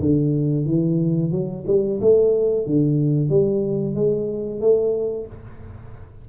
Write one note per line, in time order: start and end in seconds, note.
0.00 0.66 D3
0.66 1.32 E3
1.32 1.65 F#3
1.67 2.00 G3
2.01 2.66 A3
2.66 3.29 D3
3.29 3.95 G3
3.95 4.61 G#3
4.61 5.27 A3